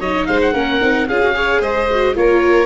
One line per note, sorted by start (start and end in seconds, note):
0.00 0.27 F#3
0.00 0.54 D#4
0.00 0.27 C#5
0.00 0.26 D#5
0.26 0.53 G#3
0.26 0.53 C5
0.26 0.40 F5
0.41 1.08 F#5
0.53 0.80 A#3
0.53 0.81 C#4
0.53 1.07 A#4
0.81 1.09 C4
0.81 1.08 D#4
1.08 1.61 C#4
1.08 1.22 F4
1.08 1.35 G#4
1.08 1.62 F5
1.22 1.34 F#4
1.34 1.88 G#4
1.34 1.61 C#5
1.61 2.15 G#3
1.61 2.15 C5
1.61 2.16 D#5
1.91 2.15 F#4
2.15 2.66 A#3
2.15 2.66 F4
2.15 2.66 A#4
2.15 2.66 C#5